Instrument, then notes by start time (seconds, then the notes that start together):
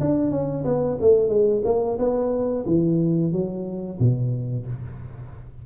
tuba
0.00 D4
0.31 C#4
0.65 B3
1.00 A3
1.28 G#3
1.65 A#3
1.98 B3
2.65 E3
3.32 F#3
3.99 B2